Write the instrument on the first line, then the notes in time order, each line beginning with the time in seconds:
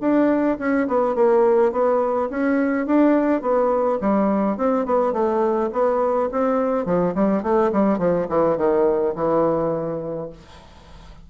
bassoon
0.00 D4
0.58 C#4
0.87 B3
1.15 A#3
1.72 B3
2.30 C#4
2.86 D4
3.41 B3
4.00 G3
4.57 C4
4.85 B3
5.12 A3
5.72 B3
6.31 C4
6.85 F3
7.15 G3
7.42 A3
7.72 G3
7.98 F3
8.29 E3
8.57 D#3
9.15 E3